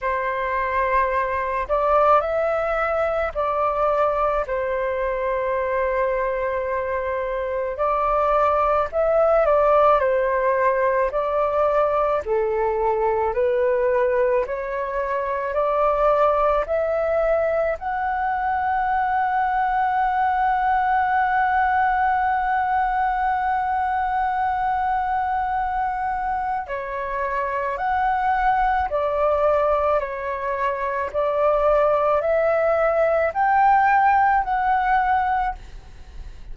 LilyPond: \new Staff \with { instrumentName = "flute" } { \time 4/4 \tempo 4 = 54 c''4. d''8 e''4 d''4 | c''2. d''4 | e''8 d''8 c''4 d''4 a'4 | b'4 cis''4 d''4 e''4 |
fis''1~ | fis''1 | cis''4 fis''4 d''4 cis''4 | d''4 e''4 g''4 fis''4 | }